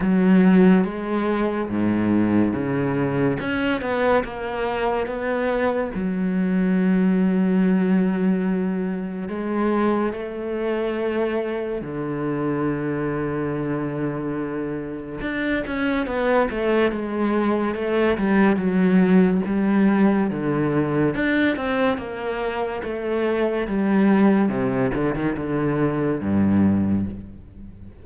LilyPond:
\new Staff \with { instrumentName = "cello" } { \time 4/4 \tempo 4 = 71 fis4 gis4 gis,4 cis4 | cis'8 b8 ais4 b4 fis4~ | fis2. gis4 | a2 d2~ |
d2 d'8 cis'8 b8 a8 | gis4 a8 g8 fis4 g4 | d4 d'8 c'8 ais4 a4 | g4 c8 d16 dis16 d4 g,4 | }